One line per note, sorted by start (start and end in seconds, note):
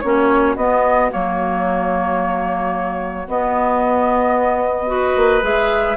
0.00 0.56 A#3
0.00 0.57 C#4
0.00 4.89 F#4
0.00 0.54 C#5
0.56 1.10 B3
0.56 1.10 D#5
1.10 3.27 F#3
1.10 3.26 A#3
1.10 3.28 C#5
3.27 5.16 B3
3.27 4.86 B3
3.27 5.44 D#5
4.86 5.41 F#4
4.86 5.97 B4
5.16 5.42 A#3
5.41 5.96 G#3
5.41 5.95 G#4
5.41 5.97 E5